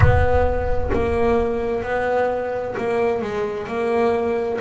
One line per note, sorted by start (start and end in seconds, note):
0.00 0.90 B3
0.93 1.82 A#3
1.82 2.74 B3
2.77 3.21 A#3
3.21 3.67 G#3
3.67 4.59 A#3